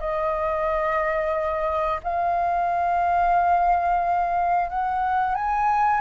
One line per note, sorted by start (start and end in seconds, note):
0.00 2.00 D#5
2.03 4.70 F5
4.70 5.35 F#5
5.35 6.01 G#5